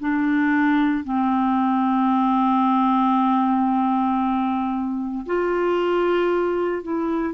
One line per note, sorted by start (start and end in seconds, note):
0.00 1.04 D4
1.04 5.25 C4
5.26 6.83 F4
6.83 7.33 E4